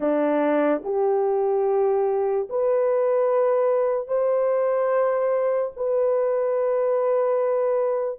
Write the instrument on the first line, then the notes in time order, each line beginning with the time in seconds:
horn
0.00 D4
0.84 G4
2.49 B4
4.07 C5
5.76 B4